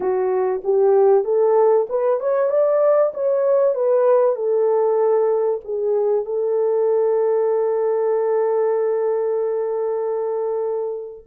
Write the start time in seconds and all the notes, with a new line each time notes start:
0.00 F#4
0.63 G4
1.24 A4
1.89 B4
2.19 C#5
2.50 D5
3.14 C#5
3.74 B4
4.35 A4
5.64 G#4
6.25 A4